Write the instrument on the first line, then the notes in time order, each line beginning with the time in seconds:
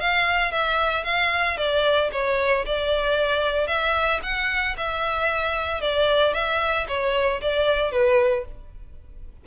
violin
0.00 F5
0.52 E5
1.04 F5
1.57 D5
2.12 C#5
2.65 D5
3.67 E5
4.23 F#5
4.77 E5
5.81 D5
6.34 E5
6.88 C#5
7.41 D5
7.92 B4